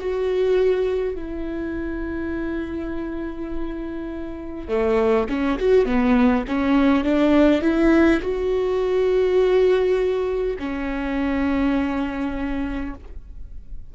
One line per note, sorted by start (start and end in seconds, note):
0.00 1.16 F#4
1.16 4.68 E4
4.68 5.27 A3
5.29 5.58 C#4
5.59 5.85 F#4
5.85 6.44 B3
6.48 7.04 C#4
7.04 7.61 D4
7.61 8.20 E4
8.21 10.57 F#4
10.59 12.94 C#4